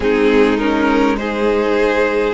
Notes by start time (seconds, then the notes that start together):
0.00 G#3 C4 D#4 G#4
0.57 C#4 A#4
1.17 D#4 G#4 C5